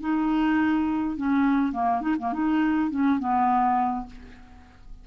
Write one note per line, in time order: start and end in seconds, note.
0.00 1.17 D#4
1.17 1.72 C#4
1.72 2.01 A#3
2.01 2.16 D#4
2.18 2.32 A#3
2.32 2.90 D#4
2.90 3.19 C#4
3.19 4.06 B3